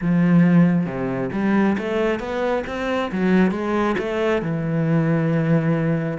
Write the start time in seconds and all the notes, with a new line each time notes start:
0.01 F3
0.86 C3
1.32 G3
1.78 A3
2.19 B3
2.67 C4
3.11 F#3
3.51 G#3
3.98 A3
4.42 E3